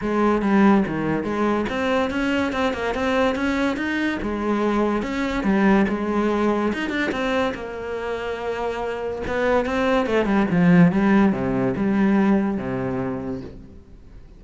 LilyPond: \new Staff \with { instrumentName = "cello" } { \time 4/4 \tempo 4 = 143 gis4 g4 dis4 gis4 | c'4 cis'4 c'8 ais8 c'4 | cis'4 dis'4 gis2 | cis'4 g4 gis2 |
dis'8 d'8 c'4 ais2~ | ais2 b4 c'4 | a8 g8 f4 g4 c4 | g2 c2 | }